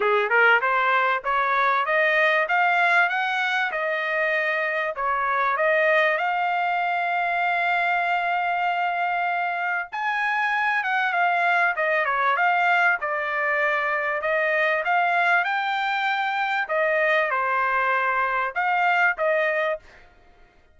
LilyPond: \new Staff \with { instrumentName = "trumpet" } { \time 4/4 \tempo 4 = 97 gis'8 ais'8 c''4 cis''4 dis''4 | f''4 fis''4 dis''2 | cis''4 dis''4 f''2~ | f''1 |
gis''4. fis''8 f''4 dis''8 cis''8 | f''4 d''2 dis''4 | f''4 g''2 dis''4 | c''2 f''4 dis''4 | }